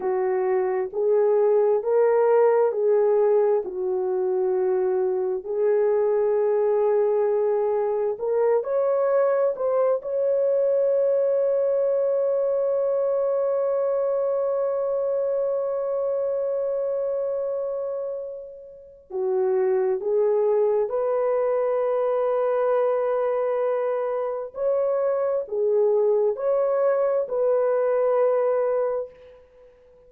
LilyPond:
\new Staff \with { instrumentName = "horn" } { \time 4/4 \tempo 4 = 66 fis'4 gis'4 ais'4 gis'4 | fis'2 gis'2~ | gis'4 ais'8 cis''4 c''8 cis''4~ | cis''1~ |
cis''1~ | cis''4 fis'4 gis'4 b'4~ | b'2. cis''4 | gis'4 cis''4 b'2 | }